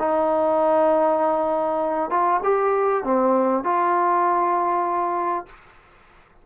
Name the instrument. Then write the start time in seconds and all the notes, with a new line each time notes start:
trombone
0.00 D#4
2.10 F4
2.44 G4
3.04 C4
3.64 F4